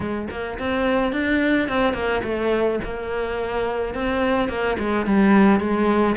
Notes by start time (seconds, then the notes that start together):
0.00 G#3
0.30 A#3
0.59 C4
1.12 D4
1.68 C4
1.93 A#3
2.23 A3
2.83 A#3
3.94 C4
4.48 A#3
4.78 G#3
5.05 G3
5.60 G#3